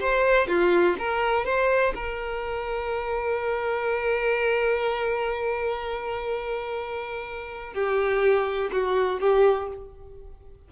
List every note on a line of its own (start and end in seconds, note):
0.00 0.48 C5
0.48 0.96 F4
0.99 1.45 A#4
1.45 1.94 C5
1.95 7.74 A#4
7.74 8.70 G4
8.72 9.20 F#4
9.20 9.68 G4